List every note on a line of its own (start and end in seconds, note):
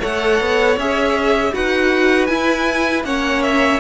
0.00 0.41 A3
0.00 0.78 A4
0.00 1.52 C#5
0.00 0.79 F#5
0.41 0.77 B3
0.77 1.53 C#4
0.77 1.53 G#4
0.77 1.55 E5
1.53 2.30 D#4
1.53 2.29 F#4
1.53 3.06 B4
1.53 2.27 F#5
2.27 3.05 E4
2.27 3.04 E4
2.27 3.03 G#5
3.04 3.80 A#3
3.04 3.80 C#4
3.04 3.80 C#5
3.04 3.43 F#5
3.43 3.80 E5